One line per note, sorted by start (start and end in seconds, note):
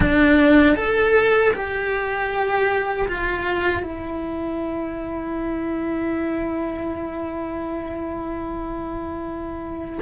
0.00 0.76 D4
0.76 1.52 A4
1.53 3.07 G4
3.08 3.83 F4
3.83 9.98 E4